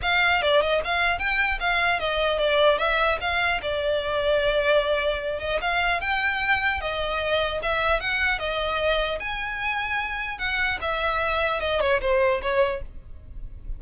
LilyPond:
\new Staff \with { instrumentName = "violin" } { \time 4/4 \tempo 4 = 150 f''4 d''8 dis''8 f''4 g''4 | f''4 dis''4 d''4 e''4 | f''4 d''2.~ | d''4. dis''8 f''4 g''4~ |
g''4 dis''2 e''4 | fis''4 dis''2 gis''4~ | gis''2 fis''4 e''4~ | e''4 dis''8 cis''8 c''4 cis''4 | }